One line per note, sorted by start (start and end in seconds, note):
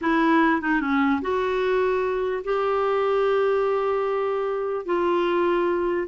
0.01 0.61 E4
0.61 0.80 D#4
0.80 1.21 C#4
1.21 2.43 F#4
2.43 4.85 G4
4.85 6.07 F4